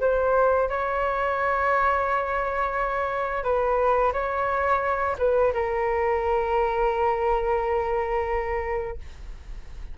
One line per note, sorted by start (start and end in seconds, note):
0.00 0.69 C5
0.69 3.43 C#5
3.43 4.12 B4
4.13 5.16 C#5
5.18 5.52 B4
5.53 8.97 A#4